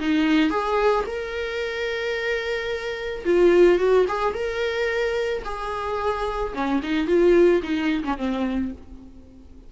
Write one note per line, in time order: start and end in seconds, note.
0.00 0.50 D#4
0.50 1.05 G#4
1.06 3.25 A#4
3.25 3.79 F4
3.79 4.06 F#4
4.08 4.34 G#4
4.34 5.43 A#4
5.45 6.54 G#4
6.54 6.81 C#4
6.83 7.07 D#4
7.07 7.62 F4
7.63 8.04 D#4
8.04 8.17 C#4
8.17 8.72 C4